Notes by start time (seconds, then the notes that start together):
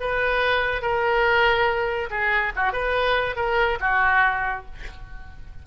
0.00 B4
0.82 A#4
2.10 G#4
2.56 F#4
2.72 B4
3.36 A#4
3.80 F#4